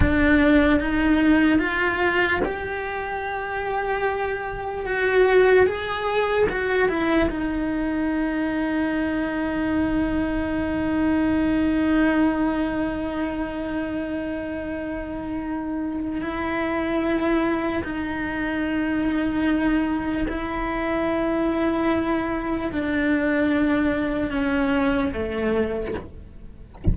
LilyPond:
\new Staff \with { instrumentName = "cello" } { \time 4/4 \tempo 4 = 74 d'4 dis'4 f'4 g'4~ | g'2 fis'4 gis'4 | fis'8 e'8 dis'2.~ | dis'1~ |
dis'1 | e'2 dis'2~ | dis'4 e'2. | d'2 cis'4 a4 | }